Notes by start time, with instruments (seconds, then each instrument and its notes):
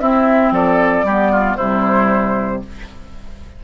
0.00 bassoon C4, clarinet C4, oboe E4, flute E5
0.51 bassoon F3, oboe A4, flute D5
1.04 bassoon G3, clarinet B3, oboe G4
1.32 oboe F4
1.57 bassoon C3, clarinet G3, oboe E4, flute C5